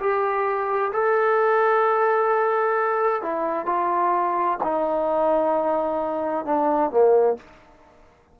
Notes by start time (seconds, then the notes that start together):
0.00 G4
0.93 A4
3.23 E4
3.66 F4
4.63 D#4
6.46 D4
6.91 A#3